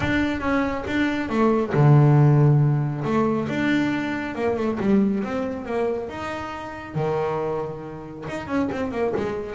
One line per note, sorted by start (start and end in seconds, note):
0.00 0.40 D4
0.40 0.84 C#4
0.87 1.29 D4
1.29 1.72 A3
1.73 3.04 D3
3.04 3.48 A3
3.48 4.35 D4
4.35 4.56 A#3
4.56 4.78 A3
4.79 5.23 G3
5.23 5.65 C4
5.65 6.09 A#3
6.09 6.94 D#4
6.94 8.25 D#3
8.28 8.47 D#4
8.47 8.69 C#4
8.71 8.91 C4
8.91 9.13 A#3
9.16 9.55 G#3